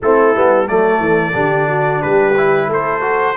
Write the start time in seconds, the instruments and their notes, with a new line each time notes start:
0.02 tuba A3, trombone C4, horn E4, trumpet A4
0.35 tuba G3, trombone B3
0.66 tuba F#3, trombone A3, horn A4, trumpet D5
0.99 tuba E3
1.33 tuba D3, trombone D4, horn G4
1.68 horn F#4
2.01 tuba G3, horn G4, trumpet B4
2.37 trombone E4
2.68 tuba A3, horn A4, trumpet C5
3.00 trombone F#4